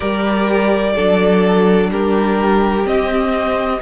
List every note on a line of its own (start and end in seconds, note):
0.00 0.97 G3
0.00 0.93 G4
0.00 0.93 A#4
0.00 1.90 D5
0.95 1.90 F#3
0.95 2.84 D4
0.95 1.90 A4
1.90 2.85 G3
1.90 3.81 G4
1.90 2.86 A#4
2.84 3.79 C4
2.84 3.80 C4
2.84 3.81 D#5